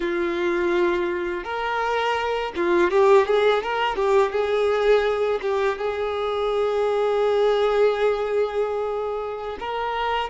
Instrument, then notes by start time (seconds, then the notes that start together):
violin
0.00 F4
1.44 A#4
2.56 F4
2.90 G4
3.26 G#4
3.62 A#4
3.95 G4
4.31 G#4
5.41 G4
5.78 G#4
9.59 A#4